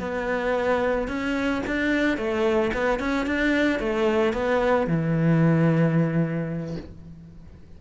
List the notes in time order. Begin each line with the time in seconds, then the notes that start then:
0.00 B3
1.08 C#4
1.67 D4
2.18 A3
2.74 B3
3.00 C#4
3.27 D4
3.80 A3
4.33 B3
4.88 E3